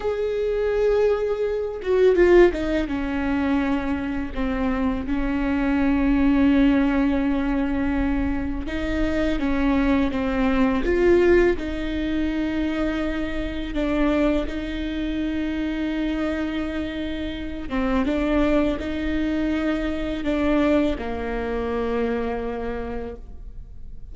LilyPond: \new Staff \with { instrumentName = "viola" } { \time 4/4 \tempo 4 = 83 gis'2~ gis'8 fis'8 f'8 dis'8 | cis'2 c'4 cis'4~ | cis'1 | dis'4 cis'4 c'4 f'4 |
dis'2. d'4 | dis'1~ | dis'8 c'8 d'4 dis'2 | d'4 ais2. | }